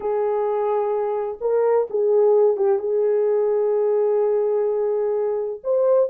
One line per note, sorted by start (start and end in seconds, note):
0.00 1.38 G#4
1.40 1.87 A#4
1.90 2.57 G#4
2.57 2.78 G4
2.78 5.60 G#4
5.63 6.09 C5